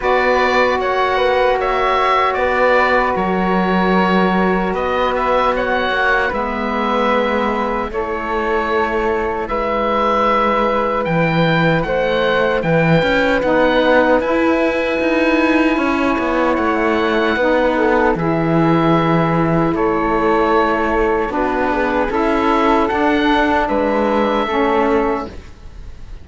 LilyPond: <<
  \new Staff \with { instrumentName = "oboe" } { \time 4/4 \tempo 4 = 76 d''4 fis''4 e''4 d''4 | cis''2 dis''8 e''8 fis''4 | e''2 cis''2 | e''2 g''4 fis''4 |
g''4 fis''4 gis''2~ | gis''4 fis''2 e''4~ | e''4 cis''2 b'4 | e''4 fis''4 e''2 | }
  \new Staff \with { instrumentName = "flute" } { \time 4/4 b'4 cis''8 b'8 cis''4 b'4 | ais'2 b'4 cis''4 | b'2 a'2 | b'2. c''4 |
b'1 | cis''2 b'8 a'8 gis'4~ | gis'4 a'2 fis'8 gis'8 | a'2 b'4 a'4 | }
  \new Staff \with { instrumentName = "saxophone" } { \time 4/4 fis'1~ | fis'1 | b2 e'2~ | e'1~ |
e'4 dis'4 e'2~ | e'2 dis'4 e'4~ | e'2. d'4 | e'4 d'2 cis'4 | }
  \new Staff \with { instrumentName = "cello" } { \time 4/4 b4 ais2 b4 | fis2 b4. ais8 | gis2 a2 | gis2 e4 a4 |
e8 cis'8 b4 e'4 dis'4 | cis'8 b8 a4 b4 e4~ | e4 a2 b4 | cis'4 d'4 gis4 a4 | }
>>